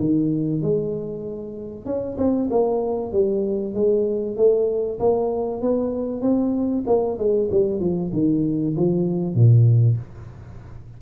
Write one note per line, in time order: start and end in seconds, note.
0.00 0.62 D#3
0.62 1.86 G#3
1.86 2.17 C#4
2.18 2.49 C4
2.50 3.12 A#3
3.12 3.75 G3
3.75 4.37 G#3
4.37 4.99 A3
5.00 5.62 A#3
5.62 6.22 B3
6.22 6.84 C4
6.87 7.18 A#3
7.18 7.50 G#3
7.51 7.80 G3
7.80 8.11 F3
8.13 8.76 D#3
8.77 9.35 F3
9.35 9.97 A#2